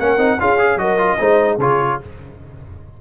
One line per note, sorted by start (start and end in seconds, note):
0.00 0.18 A#3
0.00 0.19 C#4
0.00 0.40 A#4
0.00 0.41 F#5
0.18 0.38 C4
0.18 0.39 D#4
0.40 0.77 C#4
0.40 0.59 F4
0.40 0.80 G#4
0.40 0.79 F5
0.59 0.79 G#4
0.77 1.17 F#3
0.77 0.99 F#4
0.77 1.20 A#4
0.77 1.59 D#5
0.99 1.19 F4
1.19 1.58 G#3
1.19 1.59 D#4
1.19 1.58 C5
1.58 1.98 C#3
1.58 2.02 F4
1.58 1.99 G#4
1.58 2.01 C#5